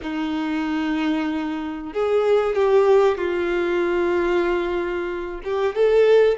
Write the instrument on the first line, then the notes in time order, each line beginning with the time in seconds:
violin
0.02 D#4
1.93 G#4
2.55 G4
3.17 F4
5.44 G4
5.75 A4